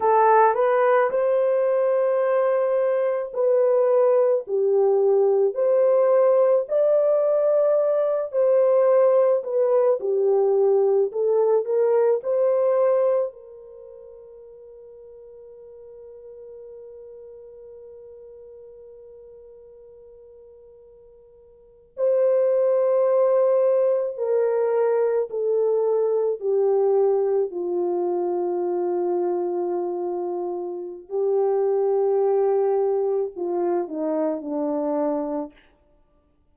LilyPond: \new Staff \with { instrumentName = "horn" } { \time 4/4 \tempo 4 = 54 a'8 b'8 c''2 b'4 | g'4 c''4 d''4. c''8~ | c''8 b'8 g'4 a'8 ais'8 c''4 | ais'1~ |
ais'2.~ ais'8. c''16~ | c''4.~ c''16 ais'4 a'4 g'16~ | g'8. f'2.~ f'16 | g'2 f'8 dis'8 d'4 | }